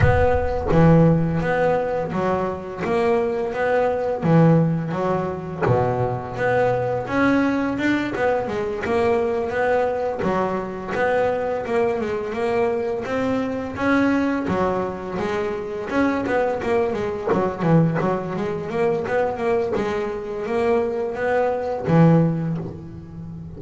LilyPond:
\new Staff \with { instrumentName = "double bass" } { \time 4/4 \tempo 4 = 85 b4 e4 b4 fis4 | ais4 b4 e4 fis4 | b,4 b4 cis'4 d'8 b8 | gis8 ais4 b4 fis4 b8~ |
b8 ais8 gis8 ais4 c'4 cis'8~ | cis'8 fis4 gis4 cis'8 b8 ais8 | gis8 fis8 e8 fis8 gis8 ais8 b8 ais8 | gis4 ais4 b4 e4 | }